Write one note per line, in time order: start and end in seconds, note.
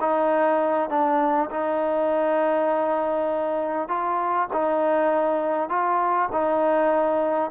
0.00 0.89 D#4
0.89 1.49 D4
1.50 3.88 D#4
3.88 4.48 F4
4.52 5.69 D#4
5.69 6.29 F4
6.32 7.50 D#4